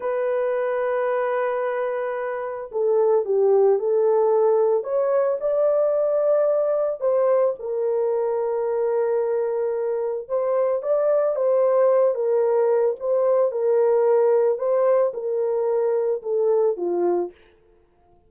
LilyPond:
\new Staff \with { instrumentName = "horn" } { \time 4/4 \tempo 4 = 111 b'1~ | b'4 a'4 g'4 a'4~ | a'4 cis''4 d''2~ | d''4 c''4 ais'2~ |
ais'2. c''4 | d''4 c''4. ais'4. | c''4 ais'2 c''4 | ais'2 a'4 f'4 | }